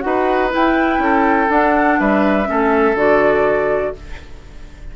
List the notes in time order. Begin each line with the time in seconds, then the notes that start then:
0.00 D#4 F#4 F#5
0.06 B4
0.51 E4 G5
0.99 C#4 A4
1.50 D4 F#5
2.00 G3 B4 E5
2.46 A3 C#4 A4
2.95 D3 F#4 D5